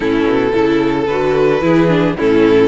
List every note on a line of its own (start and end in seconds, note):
0.00 0.25 A2
0.00 0.50 C#4
0.00 0.52 E4
0.00 1.06 A4
0.25 0.52 B2
0.53 1.08 C#3
0.53 1.07 E4
0.53 1.64 A4
1.06 1.61 D3
1.06 1.61 F#4
1.06 2.14 B4
1.61 2.15 E3
1.61 1.88 E4
1.61 2.17 G#4
1.88 2.15 D4
2.17 2.67 A2
2.17 2.67 C#4
2.17 2.67 E4
2.17 2.67 A4